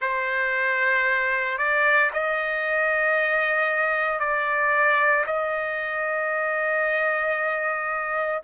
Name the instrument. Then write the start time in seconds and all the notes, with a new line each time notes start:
trumpet
0.01 C5
1.58 D5
2.13 D#5
4.19 D5
5.26 D#5